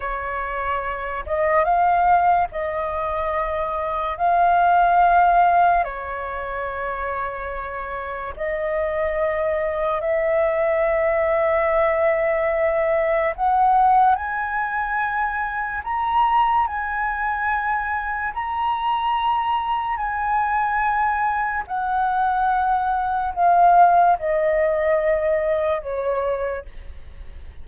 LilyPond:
\new Staff \with { instrumentName = "flute" } { \time 4/4 \tempo 4 = 72 cis''4. dis''8 f''4 dis''4~ | dis''4 f''2 cis''4~ | cis''2 dis''2 | e''1 |
fis''4 gis''2 ais''4 | gis''2 ais''2 | gis''2 fis''2 | f''4 dis''2 cis''4 | }